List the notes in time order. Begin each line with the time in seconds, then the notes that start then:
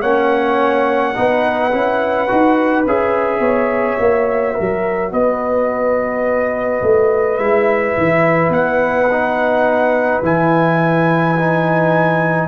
0.00 A#3 C#4 C#5 F#5
1.14 B3 D#4 B4
1.71 C#4 E4
2.28 D#4 F#4
2.86 C#4 G#4 E5
3.39 B3 C#5
3.99 A#3 F#4
4.54 F#3 A#4
5.12 B3 B4 D#5
6.82 A3
7.37 G#3 E4 E5
7.97 E3
8.49 B3 F#5
9.11 D#4
10.21 E3 E4 G#5
11.37 D#4